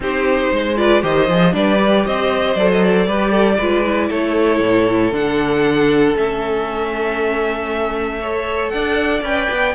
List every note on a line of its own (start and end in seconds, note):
0.00 0.48 C4
0.00 0.76 D#4
0.00 0.52 G4
0.00 0.77 C5
0.51 1.03 G#3
0.51 0.77 C5
0.76 1.01 F4
0.76 1.02 B4
0.76 1.02 D5
1.01 1.28 D#3
1.01 1.27 G4
1.01 1.53 C5
1.01 1.54 D#5
1.28 1.53 F3
1.28 1.51 G#4
1.51 2.04 G3
1.51 1.77 D4
1.51 2.06 B4
1.51 2.05 D5
1.78 2.55 G4
2.05 2.55 C4
2.05 3.06 C5
2.05 2.55 D#5
2.55 3.06 F#3
2.55 3.08 A4
2.55 2.68 D5
2.72 2.83 D#5
2.83 4.11 D5
3.06 3.58 G3
3.06 3.59 G4
3.06 3.29 B4
3.29 3.55 A4
3.57 4.10 G#3
3.57 3.84 F4
3.57 4.09 B4
3.84 5.12 E4
4.09 4.60 A3
4.09 8.19 A4
4.09 5.13 C#5
4.60 5.11 A2
5.11 6.14 D3
5.11 6.15 D4
5.11 6.16 F#5
6.15 8.72 A3
6.15 8.20 C#4
6.15 8.69 E5
8.20 9.23 A4
8.20 8.72 C#5
8.69 9.21 D4
8.69 9.75 D5
8.69 9.20 F#5
9.21 9.47 C#4
9.21 9.75 B4
9.21 9.75 G5
9.50 9.75 B3